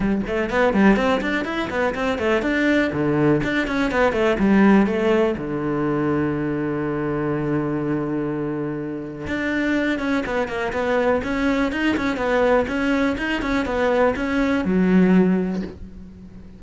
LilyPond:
\new Staff \with { instrumentName = "cello" } { \time 4/4 \tempo 4 = 123 g8 a8 b8 g8 c'8 d'8 e'8 b8 | c'8 a8 d'4 d4 d'8 cis'8 | b8 a8 g4 a4 d4~ | d1~ |
d2. d'4~ | d'8 cis'8 b8 ais8 b4 cis'4 | dis'8 cis'8 b4 cis'4 dis'8 cis'8 | b4 cis'4 fis2 | }